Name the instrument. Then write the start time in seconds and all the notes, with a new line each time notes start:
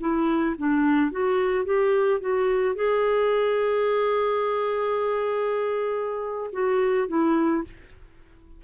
clarinet
0.00 E4
0.58 D4
1.11 F#4
1.65 G4
2.20 F#4
2.75 G#4
6.52 F#4
7.08 E4